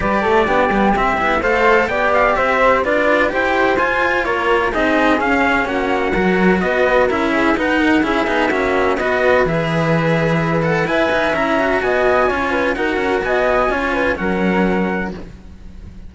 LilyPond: <<
  \new Staff \with { instrumentName = "trumpet" } { \time 4/4 \tempo 4 = 127 d''2 e''4 f''4 | g''8 f''8 e''4 d''4 g''4 | gis''4 cis''4 dis''4 f''4 | fis''2 dis''4 e''4 |
fis''4 e''2 dis''4 | e''2~ e''8 fis''8 gis''4 | ais''4 gis''2 fis''4 | gis''2 fis''2 | }
  \new Staff \with { instrumentName = "flute" } { \time 4/4 b'8 a'8 g'2 c''4 | d''4 c''4 b'4 c''4~ | c''4 ais'4 gis'2 | fis'4 ais'4 b'4 ais'8 gis'8 |
b'8 ais'8 gis'4 fis'4 b'4~ | b'2. e''4~ | e''4 dis''4 cis''8 b'8 ais'4 | dis''4 cis''8 b'8 ais'2 | }
  \new Staff \with { instrumentName = "cello" } { \time 4/4 g'4 d'8 b8 c'8 e'8 a'4 | g'2 f'4 g'4 | f'2 dis'4 cis'4~ | cis'4 fis'2 e'4 |
dis'4 e'8 dis'8 cis'4 fis'4 | gis'2~ gis'8 a'8 b'4 | e'8 fis'4. f'4 fis'4~ | fis'4 f'4 cis'2 | }
  \new Staff \with { instrumentName = "cello" } { \time 4/4 g8 a8 b8 g8 c'8 b8 a4 | b4 c'4 d'4 e'4 | f'4 ais4 c'4 cis'4 | ais4 fis4 b4 cis'4 |
dis'4 cis'8 b8 ais4 b4 | e2. e'8 dis'8 | cis'4 b4 cis'4 dis'8 cis'8 | b4 cis'4 fis2 | }
>>